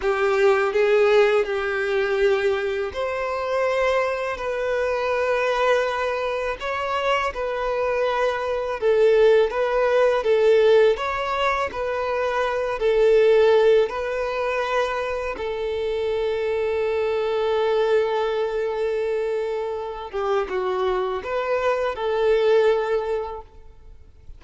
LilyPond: \new Staff \with { instrumentName = "violin" } { \time 4/4 \tempo 4 = 82 g'4 gis'4 g'2 | c''2 b'2~ | b'4 cis''4 b'2 | a'4 b'4 a'4 cis''4 |
b'4. a'4. b'4~ | b'4 a'2.~ | a'2.~ a'8 g'8 | fis'4 b'4 a'2 | }